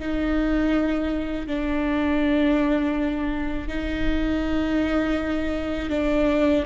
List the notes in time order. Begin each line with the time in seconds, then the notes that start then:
0.00 D#4
1.47 D4
3.68 D#4
5.90 D4